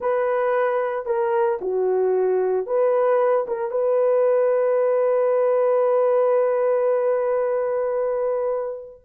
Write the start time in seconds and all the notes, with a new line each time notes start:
0.00 B4
1.05 A#4
1.61 F#4
2.66 B4
3.47 A#4
3.70 B4